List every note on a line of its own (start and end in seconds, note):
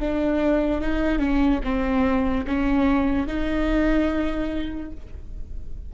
0.00 0.82 D4
0.82 1.19 D#4
1.19 1.60 C#4
1.64 2.46 C4
2.47 3.28 C#4
3.28 4.92 D#4